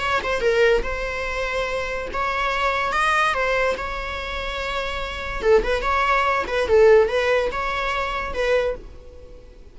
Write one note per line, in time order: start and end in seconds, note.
0.00 0.21 C#5
0.23 0.41 C5
0.41 0.83 A#4
0.83 2.08 C5
2.14 2.93 C#5
2.93 3.34 D#5
3.34 3.76 C5
3.77 5.43 C#5
5.43 5.63 A4
5.64 5.83 B4
5.83 6.45 C#5
6.48 6.68 B4
6.68 7.09 A4
7.09 7.51 B4
7.52 8.34 C#5
8.34 8.76 B4